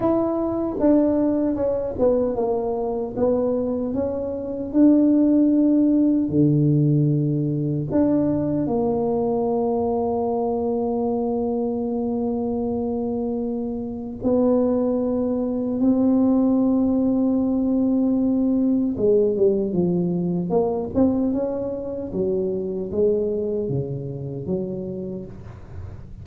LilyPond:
\new Staff \with { instrumentName = "tuba" } { \time 4/4 \tempo 4 = 76 e'4 d'4 cis'8 b8 ais4 | b4 cis'4 d'2 | d2 d'4 ais4~ | ais1~ |
ais2 b2 | c'1 | gis8 g8 f4 ais8 c'8 cis'4 | fis4 gis4 cis4 fis4 | }